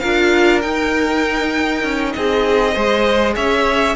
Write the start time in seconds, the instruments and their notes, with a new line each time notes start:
0.00 cello D4, viola F4, violin A#4 F5
0.62 viola D#4, cello D#4, violin G5
1.84 cello C#4
2.13 cello C4, violin G#4 D#5
2.74 cello G#3, viola G#4, violin C5
3.36 cello C#4, violin C#5 E5